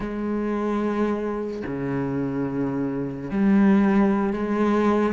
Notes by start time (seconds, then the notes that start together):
0.00 G#3
1.67 C#3
3.31 G3
4.33 G#3